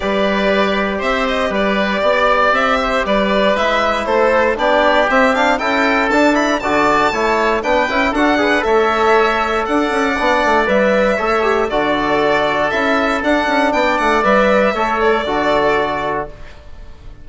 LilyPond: <<
  \new Staff \with { instrumentName = "violin" } { \time 4/4 \tempo 4 = 118 d''2 e''8 dis''8 d''4~ | d''4 e''4 d''4 e''4 | c''4 d''4 e''8 f''8 g''4 | a''8 b''8 a''2 g''4 |
fis''4 e''2 fis''4~ | fis''4 e''2 d''4~ | d''4 e''4 fis''4 g''8 fis''8 | e''4. d''2~ d''8 | }
  \new Staff \with { instrumentName = "oboe" } { \time 4/4 b'2 c''4 b'4 | d''4. c''8 b'2 | a'4 g'2 a'4~ | a'4 d''4 cis''4 b'4 |
a'8 b'8 cis''2 d''4~ | d''2 cis''4 a'4~ | a'2. d''4~ | d''4 cis''4 a'2 | }
  \new Staff \with { instrumentName = "trombone" } { \time 4/4 g'1~ | g'2. e'4~ | e'4 d'4 c'8 d'8 e'4 | d'8 e'8 fis'4 e'4 d'8 e'8 |
fis'8 gis'8 a'2. | d'4 b'4 a'8 g'8 fis'4~ | fis'4 e'4 d'2 | b'4 a'4 fis'2 | }
  \new Staff \with { instrumentName = "bassoon" } { \time 4/4 g2 c'4 g4 | b4 c'4 g4 gis4 | a4 b4 c'4 cis'4 | d'4 d4 a4 b8 cis'8 |
d'4 a2 d'8 cis'8 | b8 a8 g4 a4 d4~ | d4 cis'4 d'8 cis'8 b8 a8 | g4 a4 d2 | }
>>